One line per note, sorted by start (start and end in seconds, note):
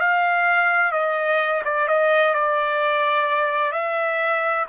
0.00 0.92 F5
0.92 1.62 D#5
1.64 1.88 D5
1.88 2.34 D#5
2.34 3.72 D5
3.72 4.66 E5